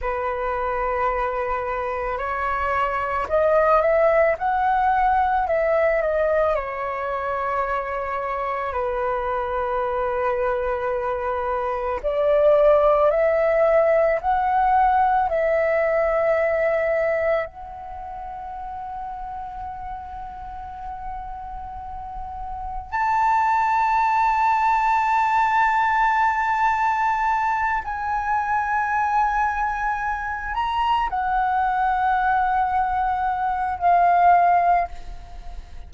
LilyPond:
\new Staff \with { instrumentName = "flute" } { \time 4/4 \tempo 4 = 55 b'2 cis''4 dis''8 e''8 | fis''4 e''8 dis''8 cis''2 | b'2. d''4 | e''4 fis''4 e''2 |
fis''1~ | fis''4 a''2.~ | a''4. gis''2~ gis''8 | ais''8 fis''2~ fis''8 f''4 | }